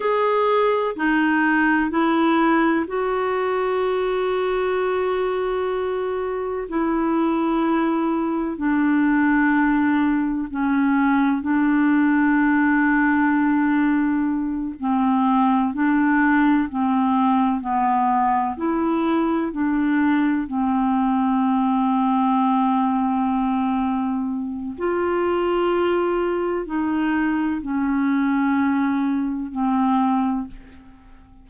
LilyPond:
\new Staff \with { instrumentName = "clarinet" } { \time 4/4 \tempo 4 = 63 gis'4 dis'4 e'4 fis'4~ | fis'2. e'4~ | e'4 d'2 cis'4 | d'2.~ d'8 c'8~ |
c'8 d'4 c'4 b4 e'8~ | e'8 d'4 c'2~ c'8~ | c'2 f'2 | dis'4 cis'2 c'4 | }